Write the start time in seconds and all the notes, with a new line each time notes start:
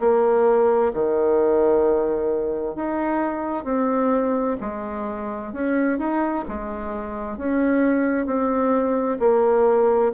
0.00 A#3
0.94 D#3
2.76 D#4
3.65 C4
4.61 G#3
5.53 C#4
5.99 D#4
6.49 G#3
7.38 C#4
8.27 C4
9.20 A#3